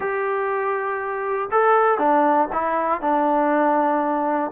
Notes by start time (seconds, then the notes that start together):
0.00 G4
1.51 A4
1.98 D4
2.52 E4
3.01 D4